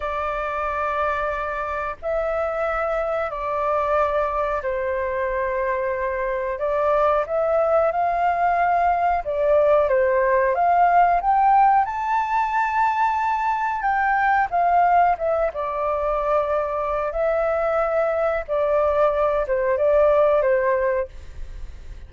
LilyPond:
\new Staff \with { instrumentName = "flute" } { \time 4/4 \tempo 4 = 91 d''2. e''4~ | e''4 d''2 c''4~ | c''2 d''4 e''4 | f''2 d''4 c''4 |
f''4 g''4 a''2~ | a''4 g''4 f''4 e''8 d''8~ | d''2 e''2 | d''4. c''8 d''4 c''4 | }